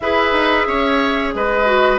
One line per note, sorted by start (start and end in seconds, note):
0.00 0.32 E4
0.00 1.65 G#4
0.00 0.67 B4
0.00 1.33 E5
0.32 0.65 D#4
0.67 1.33 C#4
0.67 1.34 C#5
1.33 1.98 G#3
1.33 1.98 B4
1.33 1.98 D#5
1.65 1.98 F#4